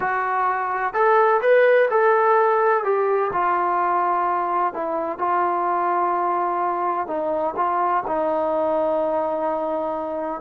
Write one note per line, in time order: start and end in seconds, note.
0.00 0.93 F#4
0.93 1.40 A4
1.41 1.89 B4
1.90 2.83 A4
2.83 3.31 G4
3.33 4.73 F4
4.73 5.18 E4
5.18 7.07 F4
7.07 7.54 D#4
7.56 8.03 F4
8.07 10.41 D#4